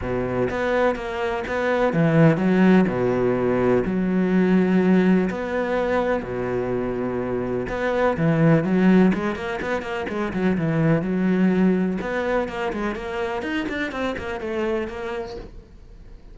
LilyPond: \new Staff \with { instrumentName = "cello" } { \time 4/4 \tempo 4 = 125 b,4 b4 ais4 b4 | e4 fis4 b,2 | fis2. b4~ | b4 b,2. |
b4 e4 fis4 gis8 ais8 | b8 ais8 gis8 fis8 e4 fis4~ | fis4 b4 ais8 gis8 ais4 | dis'8 d'8 c'8 ais8 a4 ais4 | }